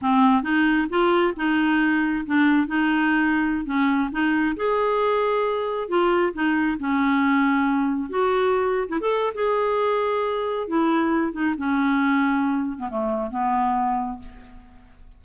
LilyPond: \new Staff \with { instrumentName = "clarinet" } { \time 4/4 \tempo 4 = 135 c'4 dis'4 f'4 dis'4~ | dis'4 d'4 dis'2~ | dis'16 cis'4 dis'4 gis'4.~ gis'16~ | gis'4~ gis'16 f'4 dis'4 cis'8.~ |
cis'2~ cis'16 fis'4.~ fis'16 | e'16 a'8. gis'2. | e'4. dis'8 cis'2~ | cis'8. b16 a4 b2 | }